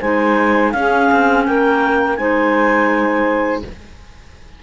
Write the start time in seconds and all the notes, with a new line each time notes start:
0.00 G#3 D#4 C5 G#5
0.72 C#4 G#4 F5
1.11 C4
1.45 A#3 A#4 G5
2.16 G#3 D#4 C5 G#5